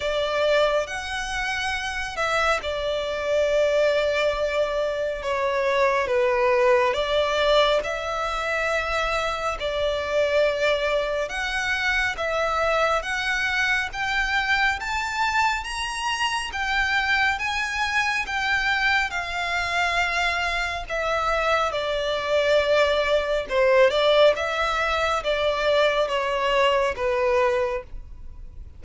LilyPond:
\new Staff \with { instrumentName = "violin" } { \time 4/4 \tempo 4 = 69 d''4 fis''4. e''8 d''4~ | d''2 cis''4 b'4 | d''4 e''2 d''4~ | d''4 fis''4 e''4 fis''4 |
g''4 a''4 ais''4 g''4 | gis''4 g''4 f''2 | e''4 d''2 c''8 d''8 | e''4 d''4 cis''4 b'4 | }